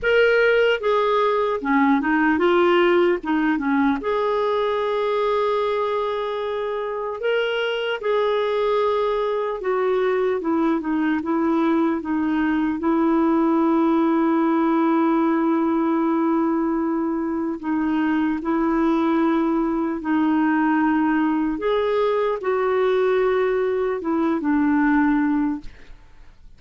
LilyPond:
\new Staff \with { instrumentName = "clarinet" } { \time 4/4 \tempo 4 = 75 ais'4 gis'4 cis'8 dis'8 f'4 | dis'8 cis'8 gis'2.~ | gis'4 ais'4 gis'2 | fis'4 e'8 dis'8 e'4 dis'4 |
e'1~ | e'2 dis'4 e'4~ | e'4 dis'2 gis'4 | fis'2 e'8 d'4. | }